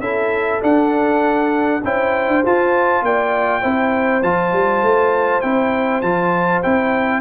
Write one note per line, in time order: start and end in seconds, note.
0.00 0.60 C#4
0.00 0.61 E4
0.00 1.82 A4
0.00 0.61 E5
0.61 1.81 D4
0.61 1.82 D4
0.61 1.84 F#5
1.84 2.28 C#4
1.84 2.45 E4
1.84 3.05 C5
1.84 2.45 G5
2.28 2.43 D4
2.46 3.62 F4
2.46 3.02 F4
2.46 3.05 A5
3.02 3.62 A#3
3.02 3.62 D5
3.02 4.23 G5
3.62 4.23 C4
3.62 4.22 E4
3.62 7.21 C5
4.23 4.53 F3
4.23 5.43 F4
4.23 5.41 A5
4.53 4.83 G3
4.83 5.42 A3
5.41 6.03 C4
5.41 6.03 E4
5.41 6.01 G5
6.02 6.63 F3
6.02 6.63 F4
6.02 6.62 A5
6.63 7.21 C4
6.63 7.21 E4
6.63 7.21 G5